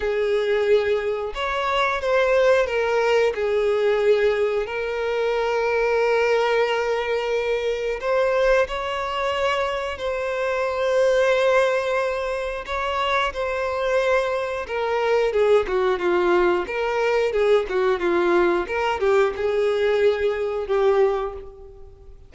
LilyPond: \new Staff \with { instrumentName = "violin" } { \time 4/4 \tempo 4 = 90 gis'2 cis''4 c''4 | ais'4 gis'2 ais'4~ | ais'1 | c''4 cis''2 c''4~ |
c''2. cis''4 | c''2 ais'4 gis'8 fis'8 | f'4 ais'4 gis'8 fis'8 f'4 | ais'8 g'8 gis'2 g'4 | }